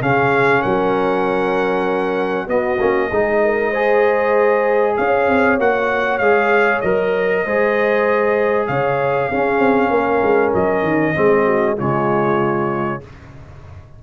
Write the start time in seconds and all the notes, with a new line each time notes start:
0.00 C#3 C#4 G#4 F5
0.61 F#3 A#4 F#5
2.47 B3 F#4 D#5
2.80 A#3 C#4
3.09 G#3 D#4 G#4
3.44 A#4
3.70 G#4 C5
4.96 C#4 C#5 F5
5.28 C4
5.59 A#3 F#4 F#5
6.18 G#3 G#4 F5
6.81 F#3 A#4 D#5
7.44 G#3 G#4 C5
8.67 C#3 C#5 F5
9.29 C#4 G#4
9.59 C4
9.89 A#3 A#4
10.22 G#3
10.54 F#3 D#5
10.82 D#3
11.14 G#3 C4 G#4
11.45 F#4
11.77 C#3 G#3 F4 C#5